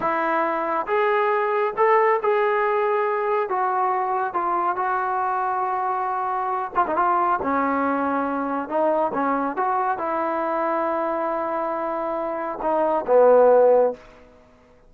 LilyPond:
\new Staff \with { instrumentName = "trombone" } { \time 4/4 \tempo 4 = 138 e'2 gis'2 | a'4 gis'2. | fis'2 f'4 fis'4~ | fis'2.~ fis'8 f'16 dis'16 |
f'4 cis'2. | dis'4 cis'4 fis'4 e'4~ | e'1~ | e'4 dis'4 b2 | }